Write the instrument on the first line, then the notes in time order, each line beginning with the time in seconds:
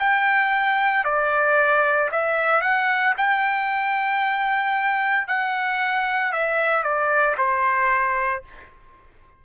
trumpet
0.00 G5
1.05 D5
2.12 E5
2.61 F#5
3.18 G5
5.28 F#5
6.33 E5
6.83 D5
7.38 C5